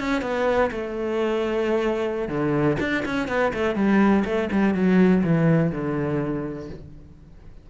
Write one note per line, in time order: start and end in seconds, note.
0.00 0.22 C#4
0.22 0.71 B3
0.72 2.29 A3
2.29 2.78 D3
2.80 3.04 D4
3.06 3.28 C#4
3.28 3.53 B3
3.54 3.76 A3
3.76 4.24 G3
4.25 4.50 A3
4.53 4.75 G3
4.75 5.24 F#3
5.24 5.72 E3
5.72 6.70 D3